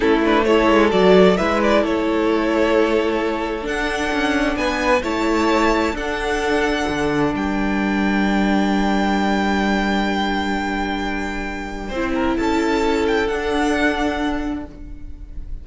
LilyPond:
<<
  \new Staff \with { instrumentName = "violin" } { \time 4/4 \tempo 4 = 131 a'8 b'8 cis''4 d''4 e''8 d''8 | cis''1 | fis''2 gis''4 a''4~ | a''4 fis''2. |
g''1~ | g''1~ | g''2. a''4~ | a''8 g''8 fis''2. | }
  \new Staff \with { instrumentName = "violin" } { \time 4/4 e'4 a'2 b'4 | a'1~ | a'2 b'4 cis''4~ | cis''4 a'2. |
ais'1~ | ais'1~ | ais'2 c''8 ais'8 a'4~ | a'1 | }
  \new Staff \with { instrumentName = "viola" } { \time 4/4 cis'8 d'8 e'4 fis'4 e'4~ | e'1 | d'2. e'4~ | e'4 d'2.~ |
d'1~ | d'1~ | d'2 e'2~ | e'4 d'2. | }
  \new Staff \with { instrumentName = "cello" } { \time 4/4 a4. gis8 fis4 gis4 | a1 | d'4 cis'4 b4 a4~ | a4 d'2 d4 |
g1~ | g1~ | g2 c'4 cis'4~ | cis'4 d'2. | }
>>